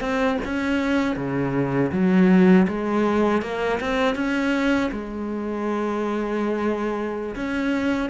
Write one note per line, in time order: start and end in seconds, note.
0.00 0.38 C4
0.44 1.16 C#4
1.16 1.91 C#3
1.91 2.66 F#3
2.67 3.42 G#3
3.42 3.79 A#3
3.80 4.15 C4
4.15 4.90 C#4
4.91 7.35 G#3
7.35 8.09 C#4